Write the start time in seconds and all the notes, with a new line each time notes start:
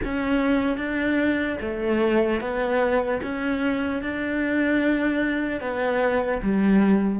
0.04 C#4
0.77 D4
1.60 A3
2.40 B3
3.22 C#4
4.02 D4
5.60 B3
6.42 G3